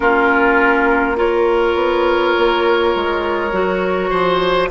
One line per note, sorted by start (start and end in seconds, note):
0.00 1.75 A#3
0.00 1.15 C#4
0.00 1.17 F4
0.00 1.17 A#4
1.15 3.50 F4
1.15 4.10 A#4
1.15 4.70 C#5
1.75 2.33 B3
2.37 2.95 A#3
2.95 3.51 G#3
3.51 4.10 F#3
3.51 4.70 F#4
4.10 4.70 F3
4.10 4.68 C5